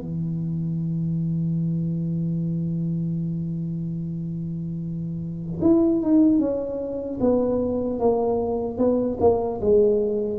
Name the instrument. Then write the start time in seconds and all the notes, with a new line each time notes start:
tuba
0.00 E3
5.61 E4
6.02 D#4
6.39 C#4
7.20 B3
8.00 A#3
8.78 B3
9.20 A#3
9.61 G#3